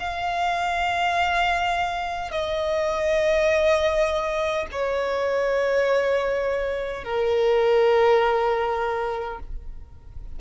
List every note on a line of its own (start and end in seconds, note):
0.00 2.32 F5
2.32 4.67 D#5
4.72 7.04 C#5
7.04 9.40 A#4